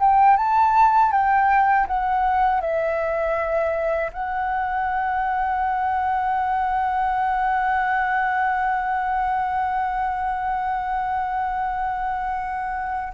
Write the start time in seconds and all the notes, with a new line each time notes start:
0.00 G5
0.37 A5
1.12 G5
1.88 F#5
2.61 E5
4.13 F#5